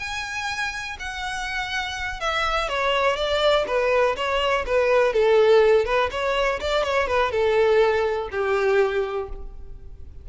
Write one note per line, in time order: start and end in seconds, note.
0.00 0.98 G#5
1.00 2.20 F#5
2.20 2.69 E5
2.69 3.17 C#5
3.17 3.65 D5
3.68 4.16 B4
4.17 4.66 C#5
4.67 5.13 B4
5.13 5.86 A4
5.86 6.10 B4
6.11 6.60 C#5
6.61 6.84 D5
6.84 7.08 C#5
7.08 7.32 B4
7.32 8.29 A4
8.32 9.29 G4